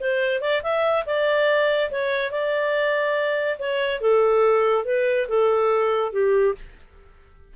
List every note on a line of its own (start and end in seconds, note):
0.00 0.41 C5
0.41 0.62 D5
0.63 1.05 E5
1.06 1.91 D5
1.91 2.31 C#5
2.31 3.58 D5
3.59 4.01 C#5
4.01 4.85 A4
4.85 5.27 B4
5.29 6.13 A4
6.13 6.55 G4